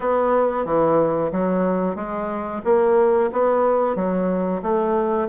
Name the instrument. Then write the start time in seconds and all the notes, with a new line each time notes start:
bassoon
0.00 B3
0.65 E3
1.32 F#3
1.95 G#3
2.64 A#3
3.32 B3
3.95 F#3
4.62 A3